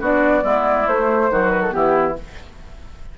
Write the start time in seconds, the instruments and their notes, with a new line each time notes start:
0.00 bassoon B3, clarinet D4, oboe F#4, flute D5
0.42 bassoon G#3, clarinet B3, oboe E4
0.87 bassoon A3, clarinet A3, flute C5
1.30 bassoon D#3, clarinet F#3, oboe F#4
1.50 flute B4
1.62 flute A4
1.71 bassoon E3, clarinet B3, oboe E4, flute G4